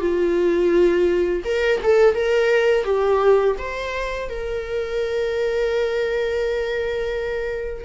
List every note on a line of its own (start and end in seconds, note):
0.00 1.43 F4
1.44 1.80 A#4
1.83 2.15 A4
2.15 2.84 A#4
2.84 3.56 G4
3.58 4.29 C5
4.29 7.84 A#4